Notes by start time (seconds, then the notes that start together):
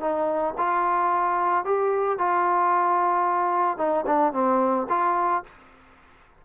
0.00 D#4
0.57 F4
1.65 G4
2.18 F4
3.77 D#4
4.06 D4
4.33 C4
4.89 F4